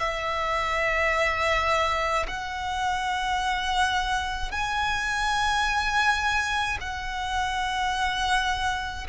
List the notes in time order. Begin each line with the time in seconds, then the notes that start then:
0.00 E5
2.28 F#5
4.51 G#5
6.81 F#5